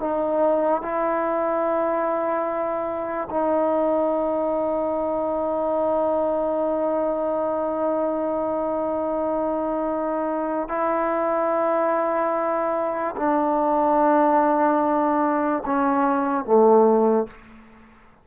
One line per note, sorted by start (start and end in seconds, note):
0.00 0.82 D#4
0.82 3.28 E4
3.30 10.68 D#4
10.68 13.15 E4
13.16 15.63 D4
15.65 16.45 C#4
16.45 17.27 A3